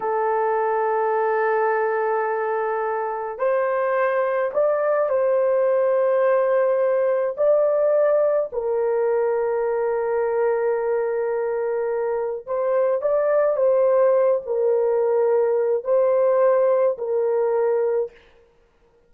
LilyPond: \new Staff \with { instrumentName = "horn" } { \time 4/4 \tempo 4 = 106 a'1~ | a'2 c''2 | d''4 c''2.~ | c''4 d''2 ais'4~ |
ais'1~ | ais'2 c''4 d''4 | c''4. ais'2~ ais'8 | c''2 ais'2 | }